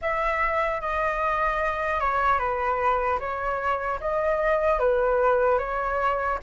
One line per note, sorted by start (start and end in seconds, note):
0.01 0.80 E5
0.80 2.00 D#5
2.00 2.38 C#5
2.38 3.18 B4
3.19 3.99 C#5
4.00 4.79 D#5
4.79 5.58 B4
5.58 6.38 C#5